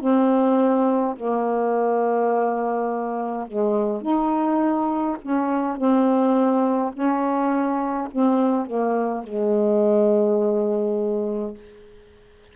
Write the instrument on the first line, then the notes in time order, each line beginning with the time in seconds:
saxophone
0.00 C4
1.16 A#3
3.47 G#3
4.02 D#4
5.22 C#4
5.77 C4
6.93 C#4
8.12 C4
8.66 A#3
9.24 G#3